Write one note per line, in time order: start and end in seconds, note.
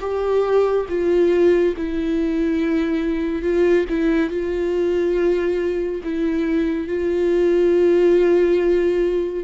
0.00 0.86 G4
0.88 1.74 F4
1.76 3.42 E4
3.42 3.85 F4
3.89 4.30 E4
4.30 6.01 F4
6.04 6.87 E4
6.87 9.44 F4